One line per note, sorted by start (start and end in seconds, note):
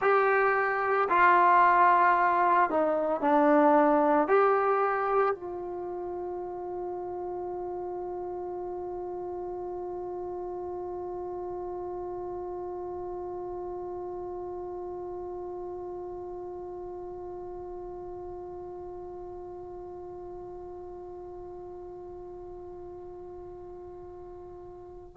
0.00 1.08 G4
1.09 2.69 F4
2.69 3.21 D#4
3.21 4.28 D4
4.28 5.34 G4
5.34 25.16 F4